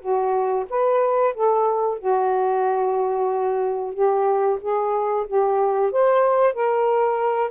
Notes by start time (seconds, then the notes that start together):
0.00 F#4
0.70 B4
1.34 A4
1.98 F#4
3.94 G4
4.61 G#4
5.27 G4
5.91 C5
6.54 A#4